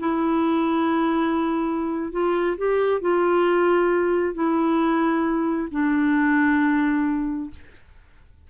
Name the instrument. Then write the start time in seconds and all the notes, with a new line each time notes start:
clarinet
0.00 E4
2.12 F4
2.58 G4
3.02 F4
4.35 E4
5.72 D4